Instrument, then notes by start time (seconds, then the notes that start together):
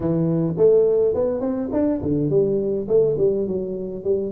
tuba
0.00 E3
0.57 A3
1.14 B3
1.40 C4
1.72 D4
2.02 D3
2.29 G3
2.87 A3
3.18 G3
3.47 F#3
4.04 G3